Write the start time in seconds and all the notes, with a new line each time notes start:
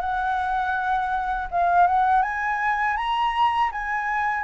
0.00 F#5
1.51 F5
1.87 F#5
2.22 G#5
2.97 A#5
3.72 G#5